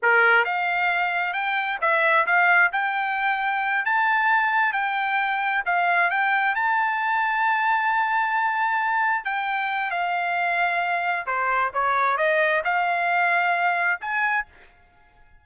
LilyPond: \new Staff \with { instrumentName = "trumpet" } { \time 4/4 \tempo 4 = 133 ais'4 f''2 g''4 | e''4 f''4 g''2~ | g''8 a''2 g''4.~ | g''8 f''4 g''4 a''4.~ |
a''1~ | a''8 g''4. f''2~ | f''4 c''4 cis''4 dis''4 | f''2. gis''4 | }